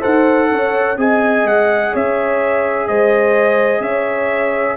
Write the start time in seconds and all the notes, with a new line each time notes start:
0.00 D#4 A4 C5 F#5
0.51 C#4 C#5
0.97 C4 G#4 D#5 G#5
1.44 G#3 F#5
1.92 C#4 C#5 E5
2.87 G#3 C5 D#5
3.80 C#4 C#5 E5